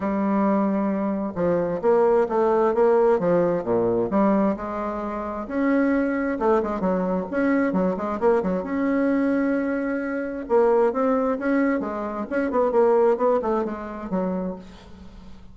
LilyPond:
\new Staff \with { instrumentName = "bassoon" } { \time 4/4 \tempo 4 = 132 g2. f4 | ais4 a4 ais4 f4 | ais,4 g4 gis2 | cis'2 a8 gis8 fis4 |
cis'4 fis8 gis8 ais8 fis8 cis'4~ | cis'2. ais4 | c'4 cis'4 gis4 cis'8 b8 | ais4 b8 a8 gis4 fis4 | }